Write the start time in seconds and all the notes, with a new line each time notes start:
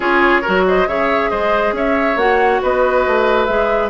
0.00 C#4 F4 G#4 C#5
0.41 F#4 A#4
0.47 F#3
0.67 C5 D#5
0.87 C#3 G#4 C#5 E5
1.30 G#3 C5 D#5
1.72 C#4 C#5 E5
2.16 A#3 F#4 F#5
2.62 B3 B4 D#5
3.06 A3
3.45 G#3 G#4 E5